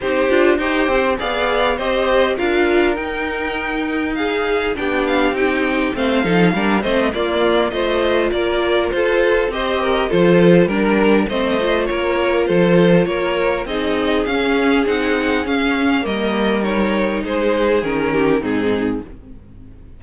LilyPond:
<<
  \new Staff \with { instrumentName = "violin" } { \time 4/4 \tempo 4 = 101 c''4 g''4 f''4 dis''4 | f''4 g''2 f''4 | g''8 f''8 g''4 f''4. dis''8 | d''4 dis''4 d''4 c''4 |
dis''4 c''4 ais'4 dis''4 | cis''4 c''4 cis''4 dis''4 | f''4 fis''4 f''4 dis''4 | cis''4 c''4 ais'4 gis'4 | }
  \new Staff \with { instrumentName = "violin" } { \time 4/4 g'4 c''4 d''4 c''4 | ais'2. gis'4 | g'2 c''8 a'8 ais'8 c''8 | f'4 c''4 ais'4 a'4 |
c''8 ais'8 a'4 ais'4 c''4 | ais'4 a'4 ais'4 gis'4~ | gis'2. ais'4~ | ais'4 gis'4. g'8 dis'4 | }
  \new Staff \with { instrumentName = "viola" } { \time 4/4 dis'8 f'8 g'4 gis'4 g'4 | f'4 dis'2. | d'4 dis'4 c'8 dis'8 d'8 c'8 | ais4 f'2. |
g'4 f'4 d'4 c'8 f'8~ | f'2. dis'4 | cis'4 dis'4 cis'4 ais4 | dis'2 cis'4 c'4 | }
  \new Staff \with { instrumentName = "cello" } { \time 4/4 c'8 d'8 dis'8 c'8 b4 c'4 | d'4 dis'2. | b4 c'4 a8 f8 g8 a8 | ais4 a4 ais4 f'4 |
c'4 f4 g4 a4 | ais4 f4 ais4 c'4 | cis'4 c'4 cis'4 g4~ | g4 gis4 dis4 gis,4 | }
>>